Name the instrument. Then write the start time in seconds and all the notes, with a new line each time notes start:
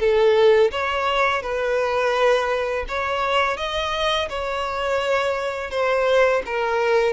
violin
0.00 A4
0.72 C#5
1.43 B4
2.88 C#5
3.57 D#5
4.30 C#5
5.71 C5
6.46 A#4